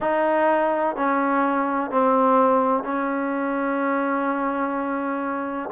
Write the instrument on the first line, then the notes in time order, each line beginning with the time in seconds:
trombone
0.00 D#4
0.95 C#4
1.90 C4
2.83 C#4